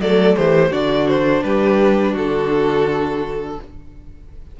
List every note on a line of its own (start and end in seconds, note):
0.00 0.36 F#3
0.00 0.71 A3
0.00 0.36 A4
0.00 0.36 D5
0.36 0.71 E3
0.36 0.71 G4
0.36 0.72 C5
0.71 1.42 D3
0.71 3.57 D4
0.71 1.42 F#4
0.71 1.07 D5
1.07 1.43 C5
1.43 2.15 G3
1.43 2.12 G4
1.43 2.14 B4
2.12 3.58 D3
2.12 3.55 F#4
2.12 3.60 A4